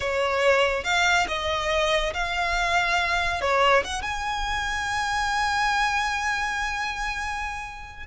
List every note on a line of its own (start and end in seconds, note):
0.00 0.83 C#5
0.84 1.26 F5
1.28 2.13 D#5
2.13 3.41 F5
3.41 3.83 C#5
3.84 4.02 F#5
4.02 8.06 G#5